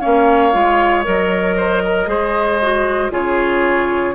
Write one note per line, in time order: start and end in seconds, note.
0.00 0.54 A#3
0.00 0.52 C#4
0.00 1.56 C#5
0.00 1.03 F5
0.52 1.06 G#3
0.52 1.04 F4
1.04 2.07 F#3
1.04 2.06 A#4
1.04 3.12 D#5
1.56 1.82 C5
1.84 2.09 A#4
2.06 3.10 G#3
2.06 2.58 G#4
2.06 3.12 C5
2.62 3.10 F#4
3.10 4.14 C#3
3.10 4.14 F4
3.10 4.14 G#4
3.10 4.14 C#5